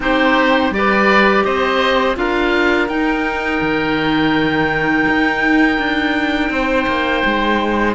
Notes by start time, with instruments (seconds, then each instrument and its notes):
0.00 cello C4, clarinet D#4, oboe G4 C5
0.70 cello G3, clarinet G4, oboe D5
0.77 oboe B4
1.44 cello C4, oboe C5 D#5
2.15 cello D4, clarinet F4, oboe A#4 F5
2.88 cello D#4, clarinet D#4, oboe G5
3.60 cello D#3
5.07 cello D#4
5.78 cello D4
6.50 cello C4, oboe C5
6.86 cello A#3
7.25 cello G#3